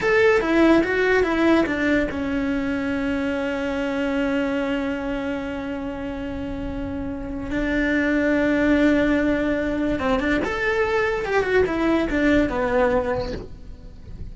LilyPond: \new Staff \with { instrumentName = "cello" } { \time 4/4 \tempo 4 = 144 a'4 e'4 fis'4 e'4 | d'4 cis'2.~ | cis'1~ | cis'1~ |
cis'2 d'2~ | d'1 | c'8 d'8 a'2 g'8 fis'8 | e'4 d'4 b2 | }